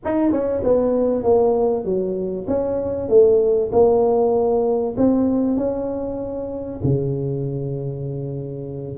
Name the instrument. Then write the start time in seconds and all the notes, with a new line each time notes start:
tuba
0.04 D#4
0.31 C#4
0.63 B3
1.23 A#3
1.84 F#3
2.47 C#4
3.08 A3
3.72 A#3
4.97 C4
5.56 C#4
6.83 C#3